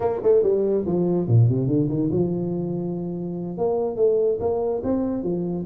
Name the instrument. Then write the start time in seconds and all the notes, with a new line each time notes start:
tuba
0.00 A#3
0.22 A3
0.42 G3
0.85 F3
1.27 A#2
1.48 C3
1.67 D3
1.89 D#3
2.11 F3
3.57 A#3
3.96 A3
4.40 A#3
4.83 C4
5.23 F3